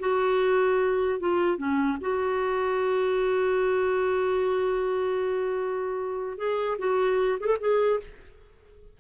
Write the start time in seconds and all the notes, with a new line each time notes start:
0.00 F#4
1.20 F4
1.58 C#4
2.01 F#4
6.38 G#4
6.79 F#4
7.40 G#4
7.47 A4
7.61 G#4